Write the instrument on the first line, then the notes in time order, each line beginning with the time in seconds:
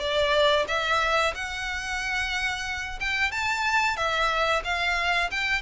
violin
0.00 D5
0.68 E5
1.35 F#5
3.01 G5
3.32 A5
3.97 E5
4.65 F5
5.31 G5